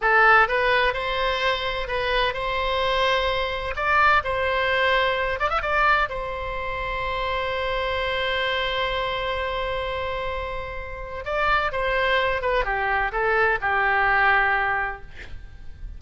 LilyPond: \new Staff \with { instrumentName = "oboe" } { \time 4/4 \tempo 4 = 128 a'4 b'4 c''2 | b'4 c''2. | d''4 c''2~ c''8 d''16 e''16 | d''4 c''2.~ |
c''1~ | c''1 | d''4 c''4. b'8 g'4 | a'4 g'2. | }